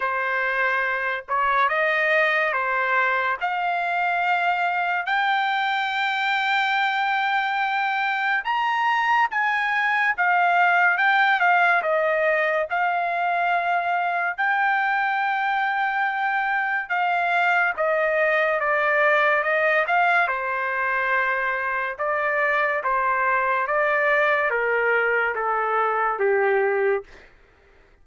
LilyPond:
\new Staff \with { instrumentName = "trumpet" } { \time 4/4 \tempo 4 = 71 c''4. cis''8 dis''4 c''4 | f''2 g''2~ | g''2 ais''4 gis''4 | f''4 g''8 f''8 dis''4 f''4~ |
f''4 g''2. | f''4 dis''4 d''4 dis''8 f''8 | c''2 d''4 c''4 | d''4 ais'4 a'4 g'4 | }